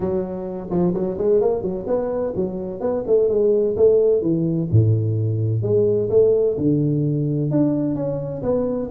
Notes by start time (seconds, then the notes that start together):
0.00 F#3
0.70 F3
0.94 F#3
1.18 G#3
1.41 A#3
1.62 F#3
1.86 B3
2.35 F#3
2.80 B3
3.07 A3
3.28 G#3
3.76 A3
4.21 E3
4.71 A2
5.62 G#3
6.09 A3
6.57 D3
7.51 D4
7.95 C#4
8.42 B3